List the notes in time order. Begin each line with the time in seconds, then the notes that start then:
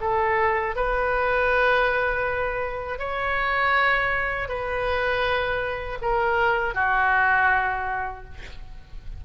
0.00 A4
0.75 B4
2.98 C#5
4.48 B4
6.01 A#4
6.74 F#4